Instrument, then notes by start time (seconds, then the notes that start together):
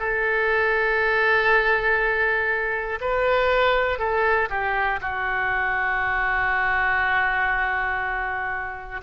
oboe
0.00 A4
3.01 B4
4.00 A4
4.50 G4
5.02 F#4